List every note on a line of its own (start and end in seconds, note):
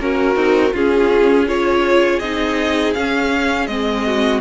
0.00 0.35 A#3
0.00 0.35 C#4
0.00 0.75 F#4
0.00 0.74 A#4
0.35 0.72 C4
0.35 0.72 D#4
0.72 2.20 C#4
0.72 1.47 C#4
0.72 1.46 F4
0.72 1.48 G#4
1.47 2.21 F4
1.47 4.06 G#4
1.47 2.19 C#5
2.19 2.94 C4
2.19 2.95 D#4
2.19 2.93 D#5
2.93 3.69 C#4
2.93 3.67 C#4
2.93 3.67 F5
3.67 4.41 G#3
3.67 4.41 C4
3.67 4.41 D#5
4.06 4.41 F#4